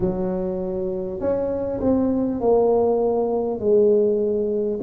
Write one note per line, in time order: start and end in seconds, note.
0.00 1.19 F#3
1.19 1.79 C#4
1.80 2.40 C4
2.40 3.59 A#3
3.59 4.79 G#3